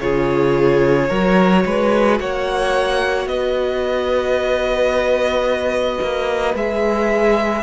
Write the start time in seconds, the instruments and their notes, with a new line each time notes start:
0.00 cello C#3, viola F4, violin G#4 C#5
1.08 cello F#3, viola F#4, violin A#4
1.65 cello G#3, violin B4
2.20 cello A#3, violin C#5 F#5
3.25 cello B3, violin B4 D#5
6.01 cello A#3
6.54 cello G#3, viola G#4, violin E5